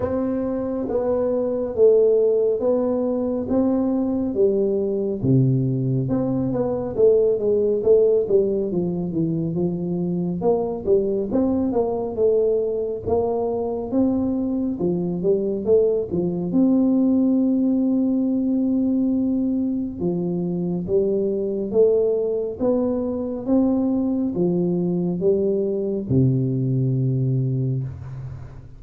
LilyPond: \new Staff \with { instrumentName = "tuba" } { \time 4/4 \tempo 4 = 69 c'4 b4 a4 b4 | c'4 g4 c4 c'8 b8 | a8 gis8 a8 g8 f8 e8 f4 | ais8 g8 c'8 ais8 a4 ais4 |
c'4 f8 g8 a8 f8 c'4~ | c'2. f4 | g4 a4 b4 c'4 | f4 g4 c2 | }